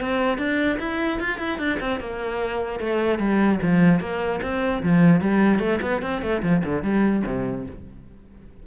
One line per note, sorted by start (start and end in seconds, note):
0.00 0.38 C4
0.38 0.78 D4
0.79 1.19 E4
1.19 1.38 F4
1.38 1.58 E4
1.58 1.78 D4
1.80 1.99 C4
1.99 2.79 A#3
2.79 3.18 A3
3.18 3.59 G3
3.62 4.00 F3
4.00 4.40 A#3
4.41 4.82 C4
4.82 5.21 F3
5.21 5.59 G3
5.59 5.79 A3
5.81 6.01 B3
6.02 6.21 C4
6.21 6.42 A3
6.42 6.62 F3
6.65 6.82 D3
6.82 7.23 G3
7.26 7.66 C3